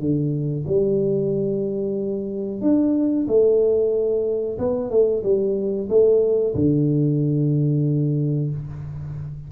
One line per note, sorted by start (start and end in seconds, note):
0.00 0.65 D3
0.67 2.61 G3
2.61 3.26 D4
3.28 4.58 A3
4.59 4.91 B3
4.91 5.23 A3
5.24 5.89 G3
5.89 6.55 A3
6.55 8.51 D3